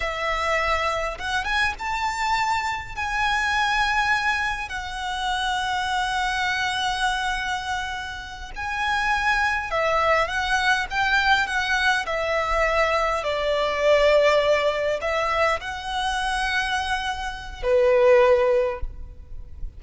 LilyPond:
\new Staff \with { instrumentName = "violin" } { \time 4/4 \tempo 4 = 102 e''2 fis''8 gis''8 a''4~ | a''4 gis''2. | fis''1~ | fis''2~ fis''8 gis''4.~ |
gis''8 e''4 fis''4 g''4 fis''8~ | fis''8 e''2 d''4.~ | d''4. e''4 fis''4.~ | fis''2 b'2 | }